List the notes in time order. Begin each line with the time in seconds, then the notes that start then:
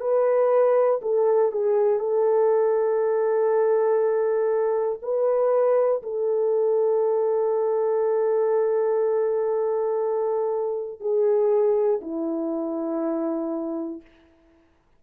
0.00 B4
1.01 A4
1.51 G#4
1.99 A4
5.02 B4
6.03 A4
11.00 G#4
12.01 E4